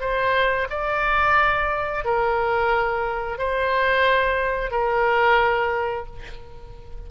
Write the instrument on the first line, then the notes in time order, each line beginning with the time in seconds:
oboe
0.00 C5
0.70 D5
2.04 A#4
3.38 C5
4.71 A#4